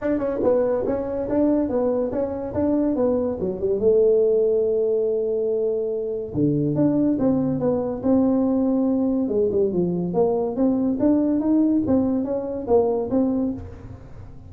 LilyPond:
\new Staff \with { instrumentName = "tuba" } { \time 4/4 \tempo 4 = 142 d'8 cis'8 b4 cis'4 d'4 | b4 cis'4 d'4 b4 | fis8 g8 a2.~ | a2. d4 |
d'4 c'4 b4 c'4~ | c'2 gis8 g8 f4 | ais4 c'4 d'4 dis'4 | c'4 cis'4 ais4 c'4 | }